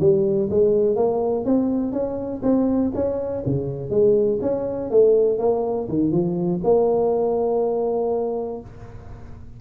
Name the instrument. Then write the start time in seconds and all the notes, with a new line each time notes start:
tuba
0.00 G3
0.50 G#3
0.96 A#3
1.45 C4
1.92 C#4
2.43 C4
2.95 C#4
3.46 C#3
3.90 G#3
4.42 C#4
4.91 A3
5.39 A#3
5.89 D#3
6.12 F3
6.64 A#3